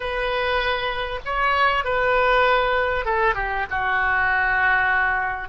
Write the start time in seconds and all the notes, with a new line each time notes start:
0.00 B4
1.25 C#5
1.84 B4
3.05 A4
3.35 G4
3.70 F#4